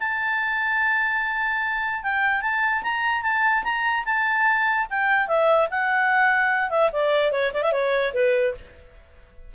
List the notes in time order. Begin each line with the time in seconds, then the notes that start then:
0.00 A5
2.04 G5
2.42 A5
2.83 A#5
3.23 A5
3.64 A#5
4.06 A5
4.90 G5
5.28 E5
5.71 F#5
6.71 E5
6.93 D5
7.32 C#5
7.54 D5
7.63 E5
7.73 C#5
8.14 B4